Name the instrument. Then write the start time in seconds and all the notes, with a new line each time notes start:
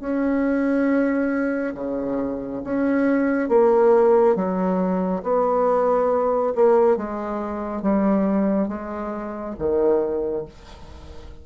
bassoon
0.00 C#4
1.75 C#3
2.64 C#4
3.49 A#3
4.36 F#3
5.23 B3
6.55 A#3
6.97 G#3
7.82 G3
8.68 G#3
9.58 D#3